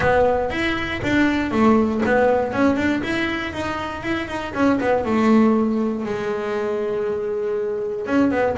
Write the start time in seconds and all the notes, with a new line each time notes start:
0.00 B3
0.50 E4
1.03 D4
1.51 A3
2.05 B3
2.52 C#4
2.76 D4
3.03 E4
3.52 D#4
4.03 E4
4.28 D#4
4.54 C#4
4.80 B3
5.05 A3
6.05 G#3
8.06 C#4
8.31 B3